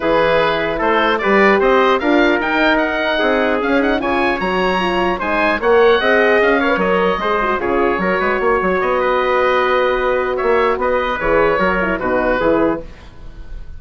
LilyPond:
<<
  \new Staff \with { instrumentName = "oboe" } { \time 4/4 \tempo 4 = 150 b'2 c''4 d''4 | dis''4 f''4 g''4 fis''4~ | fis''4 f''8 fis''8 gis''4 ais''4~ | ais''4 gis''4 fis''2 |
f''4 dis''2 cis''4~ | cis''2 dis''2~ | dis''2 e''4 dis''4 | cis''2 b'2 | }
  \new Staff \with { instrumentName = "trumpet" } { \time 4/4 gis'2 a'4 b'4 | c''4 ais'2. | gis'2 cis''2~ | cis''4 c''4 cis''4 dis''4~ |
dis''8 cis''4. c''4 gis'4 | ais'8 b'8 cis''4. b'4.~ | b'2 cis''4 b'4~ | b'4 ais'4 fis'4 gis'4 | }
  \new Staff \with { instrumentName = "horn" } { \time 4/4 e'2. g'4~ | g'4 f'4 dis'2~ | dis'4 cis'8 dis'8 f'4 fis'4 | f'4 dis'4 ais'4 gis'4~ |
gis'8 ais'16 b'16 ais'4 gis'8 fis'8 f'4 | fis'1~ | fis'1 | gis'4 fis'8 e'8 dis'4 e'4 | }
  \new Staff \with { instrumentName = "bassoon" } { \time 4/4 e2 a4 g4 | c'4 d'4 dis'2 | c'4 cis'4 cis4 fis4~ | fis4 gis4 ais4 c'4 |
cis'4 fis4 gis4 cis4 | fis8 gis8 ais8 fis8 b2~ | b2 ais4 b4 | e4 fis4 b,4 e4 | }
>>